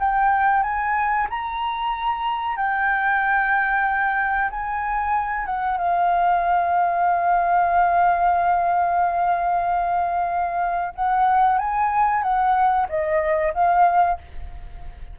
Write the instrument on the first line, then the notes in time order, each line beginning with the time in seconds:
flute
0.00 G5
0.63 G#5
1.30 A#5
2.57 G5
4.51 G#5
5.46 F#5
5.78 F5
10.95 F#5
11.58 G#5
12.23 F#5
12.89 D#5
13.54 F5